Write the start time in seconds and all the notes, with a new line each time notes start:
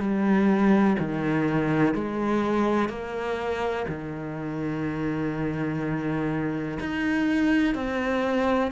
0.00 G3
0.99 D#3
1.94 G#3
2.89 A#3
3.88 D#3
6.80 D#4
7.75 C4